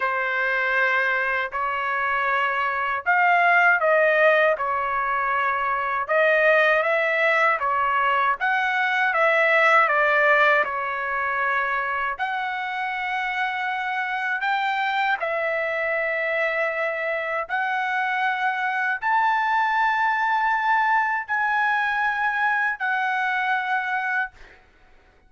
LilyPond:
\new Staff \with { instrumentName = "trumpet" } { \time 4/4 \tempo 4 = 79 c''2 cis''2 | f''4 dis''4 cis''2 | dis''4 e''4 cis''4 fis''4 | e''4 d''4 cis''2 |
fis''2. g''4 | e''2. fis''4~ | fis''4 a''2. | gis''2 fis''2 | }